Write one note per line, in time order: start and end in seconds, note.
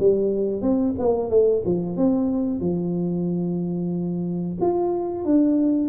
0.00 0.62 G3
0.62 0.95 C4
0.99 1.30 A#3
1.30 1.63 A3
1.66 1.97 F3
1.97 2.60 C4
2.60 4.58 F3
4.61 5.25 F4
5.25 5.90 D4